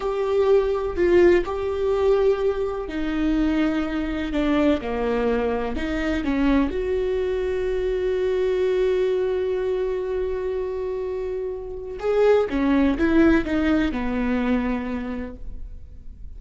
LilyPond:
\new Staff \with { instrumentName = "viola" } { \time 4/4 \tempo 4 = 125 g'2 f'4 g'4~ | g'2 dis'2~ | dis'4 d'4 ais2 | dis'4 cis'4 fis'2~ |
fis'1~ | fis'1~ | fis'4 gis'4 cis'4 e'4 | dis'4 b2. | }